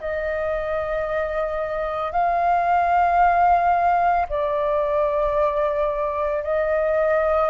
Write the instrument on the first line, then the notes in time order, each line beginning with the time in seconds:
flute
0.00 D#5
2.11 F5
4.29 D5
6.43 D#5